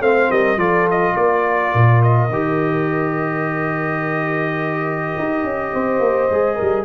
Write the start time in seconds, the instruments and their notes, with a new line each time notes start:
0.00 tuba A3, trombone C4, horn C5, trumpet F5
0.31 tuba G3, horn A#4, trumpet D#5
0.57 tuba F3, trombone F4, horn A4, trumpet D5
0.91 trumpet D#5
1.15 tuba A#3, horn A#4, trumpet D5
1.73 tuba A#2
2.02 trumpet D#5
2.29 tuba D#3, trombone G4
5.18 tuba D#4
5.43 tuba C#4
5.72 tuba C4, horn C5
5.99 tuba A#3
6.30 tuba G#3, trombone G#4
6.55 tuba G3, horn A#4